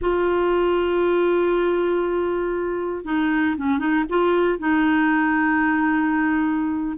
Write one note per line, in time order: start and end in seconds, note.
0.01 3.05 F4
3.05 3.55 D#4
3.57 3.78 C#4
3.78 4.04 D#4
4.09 4.58 F4
4.58 6.97 D#4